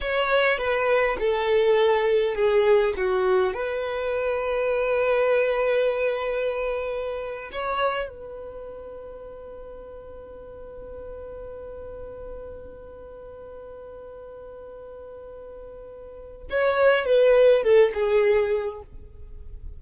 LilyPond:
\new Staff \with { instrumentName = "violin" } { \time 4/4 \tempo 4 = 102 cis''4 b'4 a'2 | gis'4 fis'4 b'2~ | b'1~ | b'8. cis''4 b'2~ b'16~ |
b'1~ | b'1~ | b'1 | cis''4 b'4 a'8 gis'4. | }